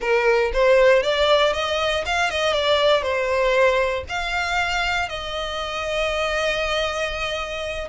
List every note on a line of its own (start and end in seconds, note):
0.00 0.51 A#4
0.53 1.02 C5
1.02 1.53 D5
1.53 2.04 D#5
2.05 2.30 F5
2.30 2.53 D#5
2.53 3.02 D5
3.02 4.04 C5
4.08 5.08 F5
5.08 7.88 D#5